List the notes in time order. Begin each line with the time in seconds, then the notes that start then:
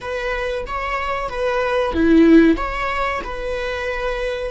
0.00 B4
0.66 C#5
1.29 B4
1.93 E4
2.56 C#5
3.24 B4